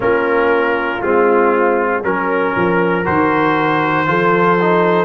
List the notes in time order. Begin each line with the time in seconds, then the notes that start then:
0.00 A#3 C#4 F4 A#4
1.01 G#3 C4 F4
2.03 F#3 C#4 A#4
2.56 F3
3.04 D#3 F#4 C5
4.06 F3 F4 A4
4.61 D#4